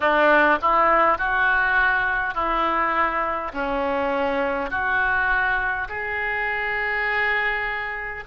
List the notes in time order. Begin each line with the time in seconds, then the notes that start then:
0.00 D4
0.61 E4
1.18 F#4
2.34 E4
3.53 C#4
4.70 F#4
5.88 G#4